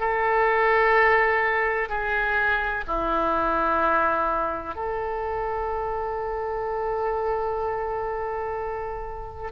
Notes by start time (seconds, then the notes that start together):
0.00 A4
1.89 G#4
2.87 E4
4.75 A4